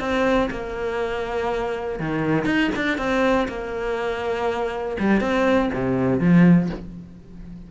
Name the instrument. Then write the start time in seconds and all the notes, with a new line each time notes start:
cello
0.00 C4
0.51 A#3
1.99 D#3
2.46 D#4
2.76 D4
2.98 C4
3.48 A#3
5.00 G3
5.21 C4
5.74 C3
6.20 F3